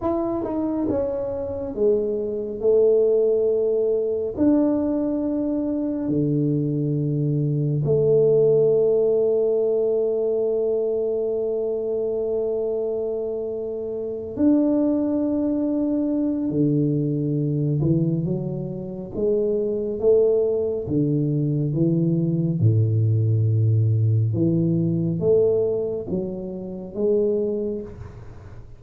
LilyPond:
\new Staff \with { instrumentName = "tuba" } { \time 4/4 \tempo 4 = 69 e'8 dis'8 cis'4 gis4 a4~ | a4 d'2 d4~ | d4 a2.~ | a1~ |
a8 d'2~ d'8 d4~ | d8 e8 fis4 gis4 a4 | d4 e4 a,2 | e4 a4 fis4 gis4 | }